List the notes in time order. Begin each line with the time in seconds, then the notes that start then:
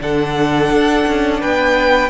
0.00 D3 D4 A4 F#5
0.71 D4
1.07 C#4
1.41 B3 B4 G5